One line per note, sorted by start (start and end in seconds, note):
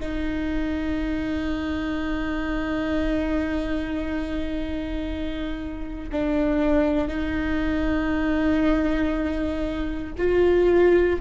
0.00 6.10 D#4
6.12 7.08 D4
7.08 10.13 D#4
10.18 11.20 F4